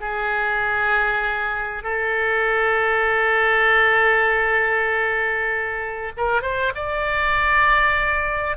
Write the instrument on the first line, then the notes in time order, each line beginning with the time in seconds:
oboe
0.00 G#4
1.83 A4
6.17 A#4
6.42 C5
6.75 D5